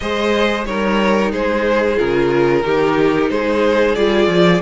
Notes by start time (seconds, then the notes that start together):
0.00 G#3 G#4 C5 D#5
0.65 G3 D#4 A#4 C#5
1.31 G#3 G#4 C5
1.96 C#3 F4 A#4
2.63 D#3 D#4 G4
3.30 G#3 G#4 C5
3.95 G3 F4 D5
4.27 F3